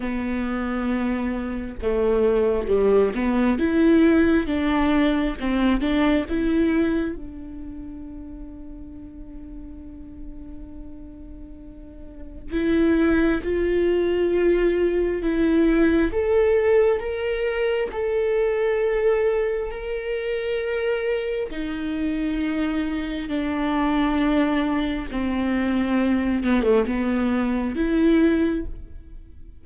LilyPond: \new Staff \with { instrumentName = "viola" } { \time 4/4 \tempo 4 = 67 b2 a4 g8 b8 | e'4 d'4 c'8 d'8 e'4 | d'1~ | d'2 e'4 f'4~ |
f'4 e'4 a'4 ais'4 | a'2 ais'2 | dis'2 d'2 | c'4. b16 a16 b4 e'4 | }